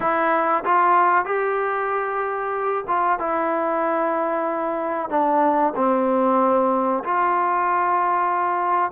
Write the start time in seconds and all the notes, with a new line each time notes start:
0.00 E4
0.64 F4
1.25 G4
2.87 F4
3.19 E4
5.09 D4
5.75 C4
7.04 F4